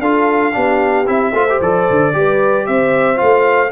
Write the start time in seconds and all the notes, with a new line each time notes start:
0.00 D4 F4 A4 F5
0.53 B3 D4 G4
1.07 C4 E4 E5
1.33 A3 F4 C5
1.49 G4
1.61 F3 A4 D5
1.90 D3
2.13 G3 G4 B4
2.66 C4 C5 E5
3.16 F4 F5
3.22 A3